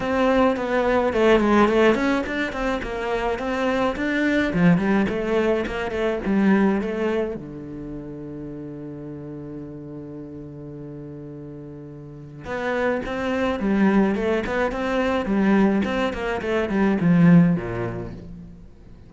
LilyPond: \new Staff \with { instrumentName = "cello" } { \time 4/4 \tempo 4 = 106 c'4 b4 a8 gis8 a8 cis'8 | d'8 c'8 ais4 c'4 d'4 | f8 g8 a4 ais8 a8 g4 | a4 d2.~ |
d1~ | d2 b4 c'4 | g4 a8 b8 c'4 g4 | c'8 ais8 a8 g8 f4 ais,4 | }